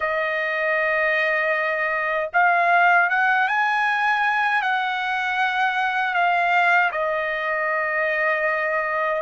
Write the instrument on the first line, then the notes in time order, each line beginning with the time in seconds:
trumpet
0.00 D#5
2.33 F5
3.09 F#5
3.48 G#5
4.62 F#5
6.14 F5
6.91 D#5